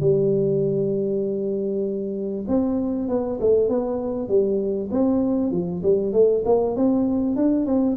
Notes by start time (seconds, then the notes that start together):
0.00 G3
2.48 C4
3.08 B3
3.40 A3
3.69 B3
4.28 G3
4.91 C4
5.51 F3
5.83 G3
6.13 A3
6.45 A#3
6.76 C4
7.36 D4
7.66 C4